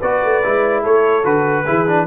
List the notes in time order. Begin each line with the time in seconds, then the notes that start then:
0.00 B3 F#4 B4 D5
0.24 A3
0.44 G#3 E4
0.83 A3 A4 C#5
1.24 D3 F#4 B4
1.66 E3 E4 G#4
1.87 D4